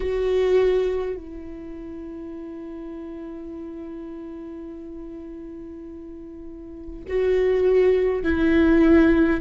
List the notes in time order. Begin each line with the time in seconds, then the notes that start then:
0.00 F#4
1.16 E4
7.08 F#4
8.23 E4